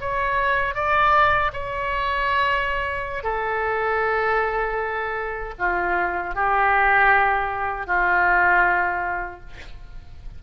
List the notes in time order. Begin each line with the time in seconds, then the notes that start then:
0.00 C#5
0.74 D5
1.53 C#5
3.23 A4
5.58 F4
6.35 G4
7.86 F4